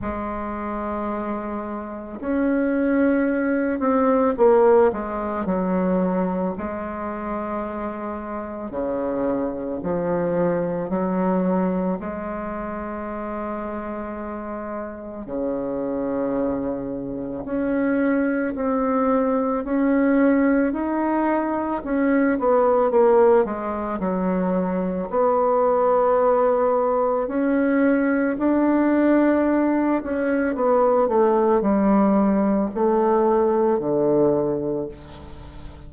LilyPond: \new Staff \with { instrumentName = "bassoon" } { \time 4/4 \tempo 4 = 55 gis2 cis'4. c'8 | ais8 gis8 fis4 gis2 | cis4 f4 fis4 gis4~ | gis2 cis2 |
cis'4 c'4 cis'4 dis'4 | cis'8 b8 ais8 gis8 fis4 b4~ | b4 cis'4 d'4. cis'8 | b8 a8 g4 a4 d4 | }